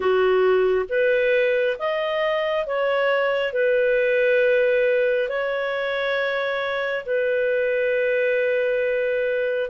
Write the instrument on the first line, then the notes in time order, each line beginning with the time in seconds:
clarinet
0.00 F#4
0.88 B4
1.78 D#5
2.66 C#5
3.52 B4
5.29 C#5
7.05 B4